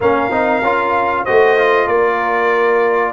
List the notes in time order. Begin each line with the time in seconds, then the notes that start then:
0.00 A#3 C#4 A#4 F5
0.30 C4 D#4
0.62 C#4 F4
1.24 F#4 C5 D#5
1.30 A3
1.57 F4
1.87 A#3 A#4 D5